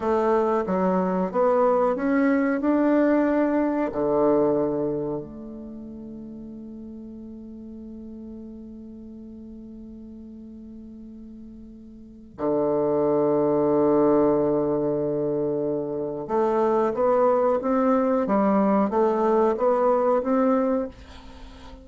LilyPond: \new Staff \with { instrumentName = "bassoon" } { \time 4/4 \tempo 4 = 92 a4 fis4 b4 cis'4 | d'2 d2 | a1~ | a1~ |
a2. d4~ | d1~ | d4 a4 b4 c'4 | g4 a4 b4 c'4 | }